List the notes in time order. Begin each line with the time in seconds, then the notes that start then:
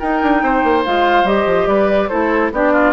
0.00 D#4 A#4 G5
0.23 D4
0.43 C4 C5
0.64 A#3
0.85 G#3 F4 F5
1.24 G3 G4 D#5
1.46 F3
1.67 G3 B4 D5
2.09 A3 E4 A4 C5
2.52 B3 D4 G4 D5
2.73 F4